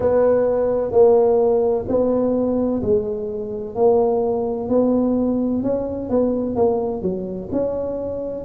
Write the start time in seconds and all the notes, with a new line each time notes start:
0.00 B3
0.91 A#3
1.87 B3
2.82 G#3
3.75 A#3
4.69 B3
5.62 C#4
6.09 B3
6.55 A#3
7.02 F#3
7.52 C#4